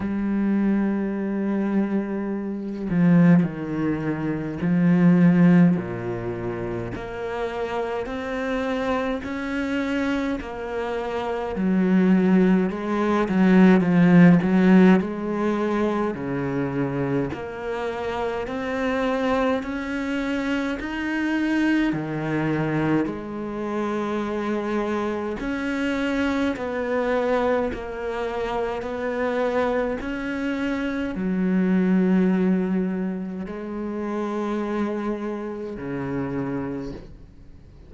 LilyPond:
\new Staff \with { instrumentName = "cello" } { \time 4/4 \tempo 4 = 52 g2~ g8 f8 dis4 | f4 ais,4 ais4 c'4 | cis'4 ais4 fis4 gis8 fis8 | f8 fis8 gis4 cis4 ais4 |
c'4 cis'4 dis'4 dis4 | gis2 cis'4 b4 | ais4 b4 cis'4 fis4~ | fis4 gis2 cis4 | }